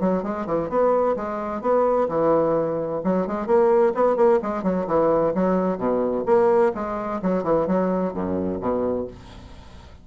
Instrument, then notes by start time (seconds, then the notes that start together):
bassoon
0.00 F#3
0.23 G#3
0.46 E3
0.69 B3
1.16 G#3
1.61 B3
2.08 E3
3.03 F#3
3.27 G#3
3.46 A#3
3.94 B3
4.16 A#3
4.42 G#3
4.63 F#3
4.87 E3
5.34 F#3
5.78 B2
6.25 A#3
6.74 G#3
7.22 F#3
7.43 E3
7.67 F#3
8.13 F#2
8.60 B2